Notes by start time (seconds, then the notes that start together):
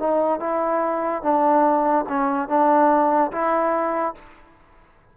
0.00 D#4
0.40 E4
1.23 D4
2.09 C#4
2.49 D4
3.32 E4